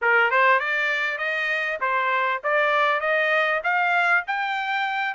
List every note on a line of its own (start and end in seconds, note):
0.01 0.31 A#4
0.31 0.59 C5
0.59 1.18 D5
1.18 1.78 D#5
1.80 2.41 C5
2.43 3.00 D5
3.00 3.61 D#5
3.63 4.24 F5
4.27 5.14 G5